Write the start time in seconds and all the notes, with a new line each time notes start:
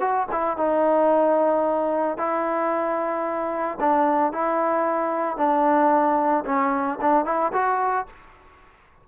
0.00 F#4
0.31 E4
0.57 D#4
2.17 E4
3.80 D4
4.32 E4
5.37 D4
6.45 C#4
7.01 D4
7.25 E4
7.53 F#4